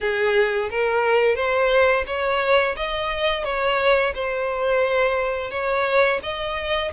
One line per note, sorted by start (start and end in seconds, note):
0.00 0.69 G#4
0.70 1.35 A#4
1.35 2.04 C5
2.06 2.75 C#5
2.76 3.44 D#5
3.44 4.13 C#5
4.14 5.50 C5
5.50 6.19 C#5
6.22 6.91 D#5